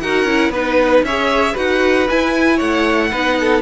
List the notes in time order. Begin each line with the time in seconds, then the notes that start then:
0.00 D#4 F#4 A#4 F#5
0.24 C#4 E4
0.50 B3 D#4 B4
1.02 C#4 G#4 C#5 E5
1.53 D#4 F#4 B4 F#5
2.09 E4 G#5
2.56 A3 C#5 F#5
3.11 B3 D#4 B4
3.40 A4